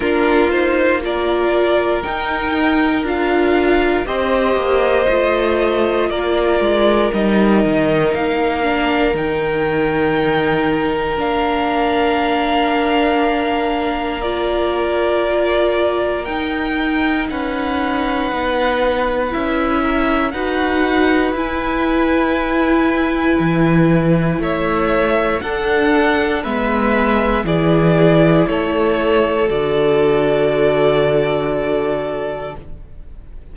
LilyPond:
<<
  \new Staff \with { instrumentName = "violin" } { \time 4/4 \tempo 4 = 59 ais'8 c''8 d''4 g''4 f''4 | dis''2 d''4 dis''4 | f''4 g''2 f''4~ | f''2 d''2 |
g''4 fis''2 e''4 | fis''4 gis''2. | e''4 fis''4 e''4 d''4 | cis''4 d''2. | }
  \new Staff \with { instrumentName = "violin" } { \time 4/4 f'4 ais'2. | c''2 ais'2~ | ais'1~ | ais'1~ |
ais'4 b'2~ b'8 ais'8 | b'1 | cis''4 a'4 b'4 gis'4 | a'1 | }
  \new Staff \with { instrumentName = "viola" } { \time 4/4 d'8 dis'8 f'4 dis'4 f'4 | g'4 f'2 dis'4~ | dis'8 d'8 dis'2 d'4~ | d'2 f'2 |
dis'2. e'4 | fis'4 e'2.~ | e'4 d'4 b4 e'4~ | e'4 fis'2. | }
  \new Staff \with { instrumentName = "cello" } { \time 4/4 ais2 dis'4 d'4 | c'8 ais8 a4 ais8 gis8 g8 dis8 | ais4 dis2 ais4~ | ais1 |
dis'4 cis'4 b4 cis'4 | dis'4 e'2 e4 | a4 d'4 gis4 e4 | a4 d2. | }
>>